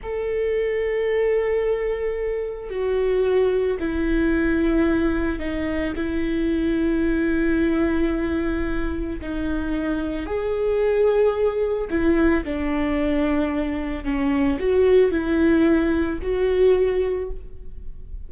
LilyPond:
\new Staff \with { instrumentName = "viola" } { \time 4/4 \tempo 4 = 111 a'1~ | a'4 fis'2 e'4~ | e'2 dis'4 e'4~ | e'1~ |
e'4 dis'2 gis'4~ | gis'2 e'4 d'4~ | d'2 cis'4 fis'4 | e'2 fis'2 | }